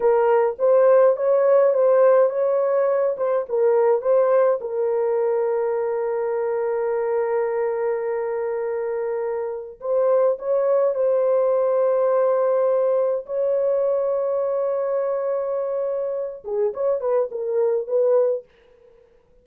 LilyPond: \new Staff \with { instrumentName = "horn" } { \time 4/4 \tempo 4 = 104 ais'4 c''4 cis''4 c''4 | cis''4. c''8 ais'4 c''4 | ais'1~ | ais'1~ |
ais'4 c''4 cis''4 c''4~ | c''2. cis''4~ | cis''1~ | cis''8 gis'8 cis''8 b'8 ais'4 b'4 | }